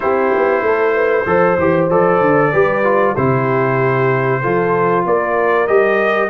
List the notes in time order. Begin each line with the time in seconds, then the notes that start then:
0.00 C4 E4 G4 C5
0.35 B3
0.61 A3 A4
0.94 B4
1.26 F3 A4 C5
1.58 E3 G4
1.89 F3 A4 D5
2.20 D3
2.52 G3 G4 B4
2.84 F4
3.16 C3 E4 G4 C5
4.41 F3 F4 A4
5.05 A#3 A#4 D5
5.67 G3 G4 D#5